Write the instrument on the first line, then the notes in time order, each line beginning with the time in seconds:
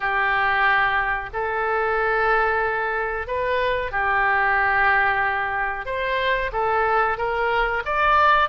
oboe
0.00 G4
1.33 A4
3.27 B4
3.91 G4
5.85 C5
6.52 A4
7.17 A#4
7.85 D5